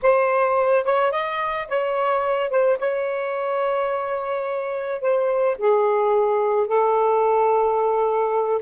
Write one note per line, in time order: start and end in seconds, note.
0.02 0.84 C5
0.84 1.11 C#5
1.11 1.67 D#5
1.68 2.50 C#5
2.50 2.78 C5
2.79 5.01 C#5
5.01 5.56 C5
5.58 6.67 G#4
6.67 8.61 A4